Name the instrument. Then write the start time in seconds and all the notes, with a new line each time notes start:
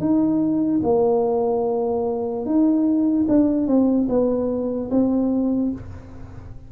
tuba
0.00 D#4
0.84 A#3
2.46 D#4
3.29 D4
3.67 C4
4.09 B3
4.91 C4